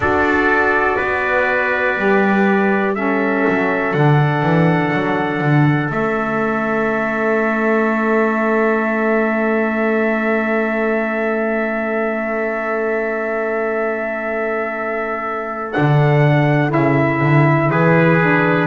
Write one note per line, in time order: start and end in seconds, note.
0.00 0.96 D4
0.00 1.97 F#4
0.00 0.96 A4
0.00 2.95 D5
0.96 1.97 B3
0.96 2.93 B4
1.97 3.44 G3
1.97 2.95 G4
2.95 3.94 C#4
2.95 17.70 A4
2.95 3.93 E5
3.47 3.94 F#3
3.93 4.42 D3
3.93 5.90 D4
3.93 5.89 F#5
4.42 4.91 E3
4.93 5.40 F#3
5.40 5.90 D3
5.90 15.74 A3
5.90 15.72 C#4
5.90 15.72 E5
15.72 16.74 D3
15.72 16.69 D4
15.72 16.70 F#5
16.69 17.20 C#3
16.69 18.16 E4
16.69 17.70 E5
17.20 17.69 D3
17.69 18.67 E3
17.69 18.67 G#4
17.69 18.67 B4
18.21 18.67 D4